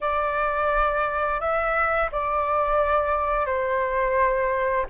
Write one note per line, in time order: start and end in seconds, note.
0.00 1.40 D5
1.40 2.10 E5
2.11 3.45 D5
3.45 4.85 C5